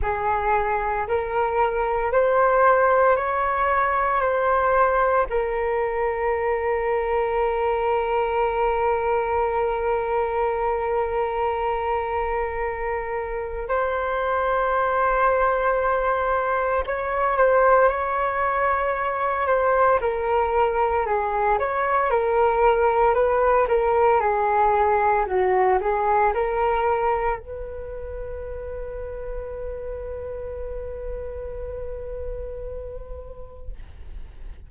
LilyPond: \new Staff \with { instrumentName = "flute" } { \time 4/4 \tempo 4 = 57 gis'4 ais'4 c''4 cis''4 | c''4 ais'2.~ | ais'1~ | ais'4 c''2. |
cis''8 c''8 cis''4. c''8 ais'4 | gis'8 cis''8 ais'4 b'8 ais'8 gis'4 | fis'8 gis'8 ais'4 b'2~ | b'1 | }